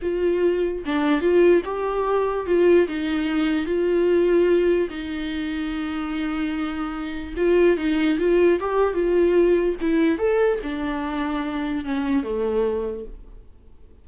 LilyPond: \new Staff \with { instrumentName = "viola" } { \time 4/4 \tempo 4 = 147 f'2 d'4 f'4 | g'2 f'4 dis'4~ | dis'4 f'2. | dis'1~ |
dis'2 f'4 dis'4 | f'4 g'4 f'2 | e'4 a'4 d'2~ | d'4 cis'4 a2 | }